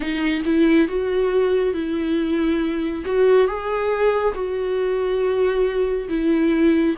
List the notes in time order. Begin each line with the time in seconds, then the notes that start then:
0.00 D#4
0.45 E4
0.88 F#4
1.73 E4
3.05 F#4
3.47 G#4
4.34 F#4
6.08 E4